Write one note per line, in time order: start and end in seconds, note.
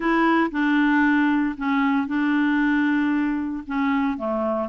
0.00 0.50 E4
0.51 1.55 D4
1.57 2.07 C#4
2.07 3.63 D4
3.66 4.17 C#4
4.17 4.68 A3